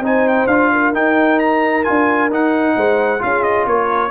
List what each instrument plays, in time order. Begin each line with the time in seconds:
0.00 tuba C4, trombone D#4, horn C5, trumpet G#5
0.28 trumpet G5
0.47 tuba D4, trombone F4, trumpet F5
0.72 horn A#4
0.93 tuba D#4, trombone D#4, trumpet G5
1.39 trumpet A#5
1.84 tuba D4, trombone F4, trumpet G#5
2.30 tuba D#4, trombone D#4, trumpet F#5
2.76 tuba G#3, horn C5
3.19 tuba C#4, trombone F4, horn G#4, trumpet F5
3.43 trumpet D#5
3.66 tuba A#3, horn A#4, trumpet C#5